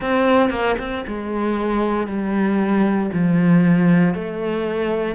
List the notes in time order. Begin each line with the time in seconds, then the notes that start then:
0.00 C4
0.50 A#3
0.78 C4
1.07 G#3
2.06 G3
3.13 F3
4.14 A3